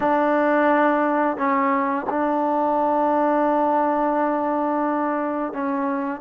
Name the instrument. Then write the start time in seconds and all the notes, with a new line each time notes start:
trombone
0.00 D4
1.37 C#4
2.09 D4
5.53 C#4